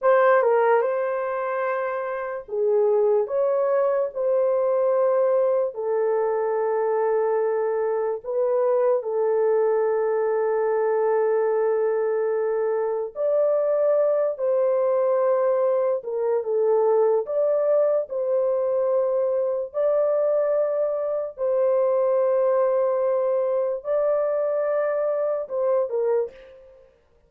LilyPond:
\new Staff \with { instrumentName = "horn" } { \time 4/4 \tempo 4 = 73 c''8 ais'8 c''2 gis'4 | cis''4 c''2 a'4~ | a'2 b'4 a'4~ | a'1 |
d''4. c''2 ais'8 | a'4 d''4 c''2 | d''2 c''2~ | c''4 d''2 c''8 ais'8 | }